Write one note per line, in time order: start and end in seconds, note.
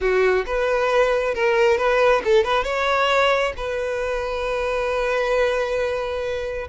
0.00 0.45 F#4
0.46 1.34 B4
1.34 1.77 A#4
1.77 2.21 B4
2.24 2.43 A4
2.43 2.64 B4
2.64 3.53 C#5
3.57 6.68 B4